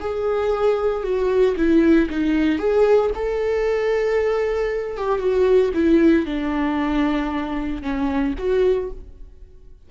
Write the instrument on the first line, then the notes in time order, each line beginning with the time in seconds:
viola
0.00 G#4
1.03 F#4
1.57 E4
2.10 D#4
2.58 G#4
3.15 A4
4.97 G4
5.19 F#4
5.74 E4
6.26 D4
7.82 C#4
8.38 F#4